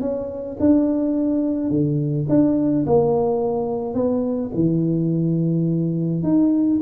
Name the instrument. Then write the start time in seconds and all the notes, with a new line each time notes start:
tuba
0.00 C#4
0.59 D4
1.70 D3
2.28 D4
2.86 A#3
3.94 B3
4.54 E3
6.23 D#4